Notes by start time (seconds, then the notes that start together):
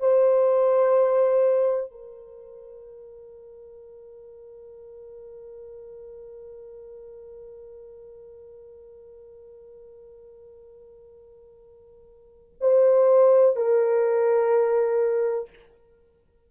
0.00 C5
1.91 A#4
12.60 C5
13.56 A#4